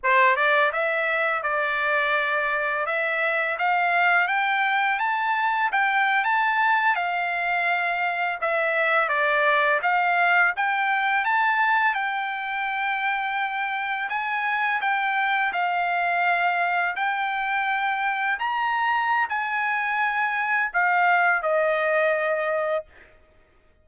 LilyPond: \new Staff \with { instrumentName = "trumpet" } { \time 4/4 \tempo 4 = 84 c''8 d''8 e''4 d''2 | e''4 f''4 g''4 a''4 | g''8. a''4 f''2 e''16~ | e''8. d''4 f''4 g''4 a''16~ |
a''8. g''2. gis''16~ | gis''8. g''4 f''2 g''16~ | g''4.~ g''16 ais''4~ ais''16 gis''4~ | gis''4 f''4 dis''2 | }